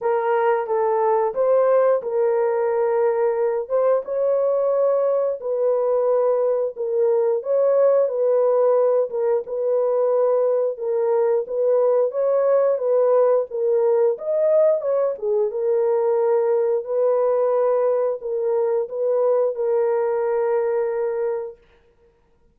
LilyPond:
\new Staff \with { instrumentName = "horn" } { \time 4/4 \tempo 4 = 89 ais'4 a'4 c''4 ais'4~ | ais'4. c''8 cis''2 | b'2 ais'4 cis''4 | b'4. ais'8 b'2 |
ais'4 b'4 cis''4 b'4 | ais'4 dis''4 cis''8 gis'8 ais'4~ | ais'4 b'2 ais'4 | b'4 ais'2. | }